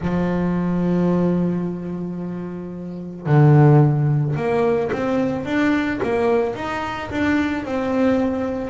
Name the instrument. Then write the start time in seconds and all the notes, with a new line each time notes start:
double bass
0.00 F3
3.26 D3
4.36 A#3
4.92 C4
5.45 D4
6.02 A#3
6.55 D#4
7.10 D4
7.65 C4